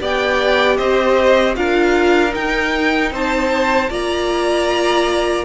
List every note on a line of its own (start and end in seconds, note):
0.00 0.78 B3
0.00 1.55 G4
0.00 0.77 D5
0.00 0.77 G5
0.77 1.56 C4
0.77 1.55 C5
0.77 1.55 D#5
1.55 2.34 D4
1.55 2.29 F4
1.55 3.12 A#4
1.55 2.34 F5
2.29 3.85 D#4
2.29 3.11 D#4
2.29 3.12 G5
3.11 3.89 C4
3.11 3.89 C5
3.11 3.92 A5
3.89 5.44 A#3
3.89 5.44 F4
3.89 5.44 D5
3.89 5.44 A#5